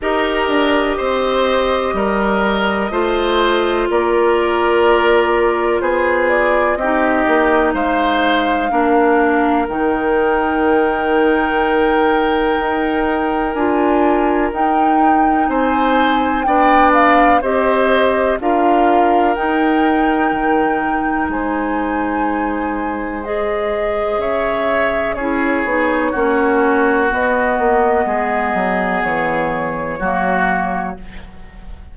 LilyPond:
<<
  \new Staff \with { instrumentName = "flute" } { \time 4/4 \tempo 4 = 62 dis''1 | d''2 c''8 d''8 dis''4 | f''2 g''2~ | g''2 gis''4 g''4 |
gis''4 g''8 f''8 dis''4 f''4 | g''2 gis''2 | dis''4 e''4 cis''2 | dis''2 cis''2 | }
  \new Staff \with { instrumentName = "oboe" } { \time 4/4 ais'4 c''4 ais'4 c''4 | ais'2 gis'4 g'4 | c''4 ais'2.~ | ais'1 |
c''4 d''4 c''4 ais'4~ | ais'2 c''2~ | c''4 cis''4 gis'4 fis'4~ | fis'4 gis'2 fis'4 | }
  \new Staff \with { instrumentName = "clarinet" } { \time 4/4 g'2. f'4~ | f'2. dis'4~ | dis'4 d'4 dis'2~ | dis'2 f'4 dis'4~ |
dis'4 d'4 g'4 f'4 | dis'1 | gis'2 e'8 dis'8 cis'4 | b2. ais4 | }
  \new Staff \with { instrumentName = "bassoon" } { \time 4/4 dis'8 d'8 c'4 g4 a4 | ais2 b4 c'8 ais8 | gis4 ais4 dis2~ | dis4 dis'4 d'4 dis'4 |
c'4 b4 c'4 d'4 | dis'4 dis4 gis2~ | gis4 cis4 cis'8 b8 ais4 | b8 ais8 gis8 fis8 e4 fis4 | }
>>